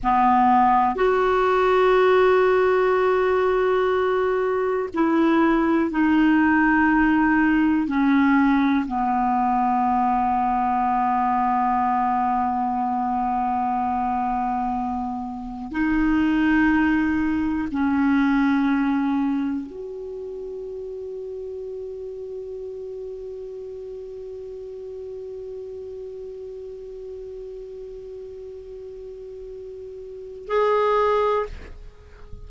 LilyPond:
\new Staff \with { instrumentName = "clarinet" } { \time 4/4 \tempo 4 = 61 b4 fis'2.~ | fis'4 e'4 dis'2 | cis'4 b2.~ | b1 |
dis'2 cis'2 | fis'1~ | fis'1~ | fis'2. gis'4 | }